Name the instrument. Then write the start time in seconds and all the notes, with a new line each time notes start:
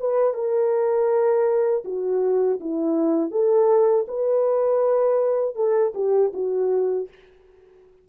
horn
0.00 B4
0.34 A#4
1.85 F#4
2.61 E4
3.31 A4
4.08 B4
5.56 A4
5.95 G4
6.34 F#4